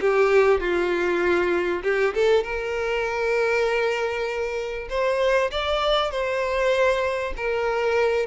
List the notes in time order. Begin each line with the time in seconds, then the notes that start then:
0.00 G4
0.60 F4
1.83 G4
2.14 A4
2.43 A#4
4.89 C5
5.51 D5
6.11 C5
7.36 A#4